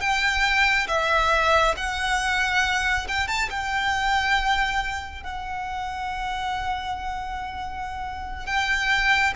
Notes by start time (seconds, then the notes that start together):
0.00 G5
0.87 E5
1.76 F#5
3.08 G5
3.27 A5
3.49 G5
5.23 F#5
8.46 G5